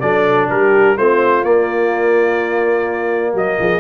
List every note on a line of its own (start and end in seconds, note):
0.00 0.50 F#3
0.00 0.97 D4
0.00 0.50 A4
0.00 0.48 D5
0.50 0.97 G3
0.50 0.97 G4
0.50 0.97 A#4
0.97 1.44 A3
0.97 1.44 C4
0.97 3.34 F4
0.97 1.44 C5
1.44 3.33 A#3
1.44 3.80 A#3
1.44 3.34 D5
3.33 3.57 F#3
3.33 3.57 F#4
3.33 3.80 D#5
3.59 3.80 F3
3.59 3.80 G#4